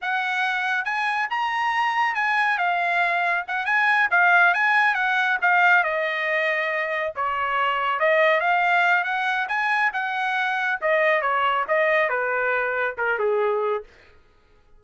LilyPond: \new Staff \with { instrumentName = "trumpet" } { \time 4/4 \tempo 4 = 139 fis''2 gis''4 ais''4~ | ais''4 gis''4 f''2 | fis''8 gis''4 f''4 gis''4 fis''8~ | fis''8 f''4 dis''2~ dis''8~ |
dis''8 cis''2 dis''4 f''8~ | f''4 fis''4 gis''4 fis''4~ | fis''4 dis''4 cis''4 dis''4 | b'2 ais'8 gis'4. | }